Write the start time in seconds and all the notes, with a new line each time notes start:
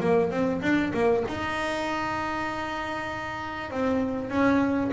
0.00 A#3
0.31 C4
0.62 D4
0.94 A#3
1.28 D#4
3.70 C4
4.29 C#4